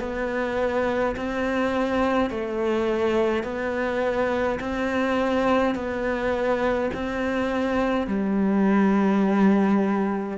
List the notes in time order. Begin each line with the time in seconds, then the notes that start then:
0.00 B3
1.16 C4
2.31 A3
3.44 B3
4.60 C4
5.75 B3
6.94 C4
8.07 G3